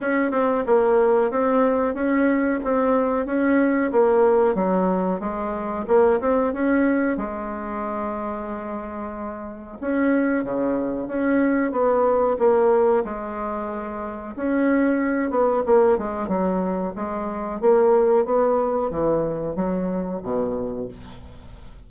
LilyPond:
\new Staff \with { instrumentName = "bassoon" } { \time 4/4 \tempo 4 = 92 cis'8 c'8 ais4 c'4 cis'4 | c'4 cis'4 ais4 fis4 | gis4 ais8 c'8 cis'4 gis4~ | gis2. cis'4 |
cis4 cis'4 b4 ais4 | gis2 cis'4. b8 | ais8 gis8 fis4 gis4 ais4 | b4 e4 fis4 b,4 | }